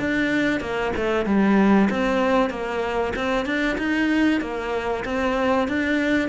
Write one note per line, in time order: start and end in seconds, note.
0.00 0.61 D4
0.61 0.93 A#3
0.97 1.26 A3
1.26 1.89 G3
1.91 2.51 C4
2.51 3.14 A#3
3.16 3.46 C4
3.46 3.78 D4
3.79 4.41 D#4
4.41 5.04 A#3
5.05 5.68 C4
5.69 6.30 D4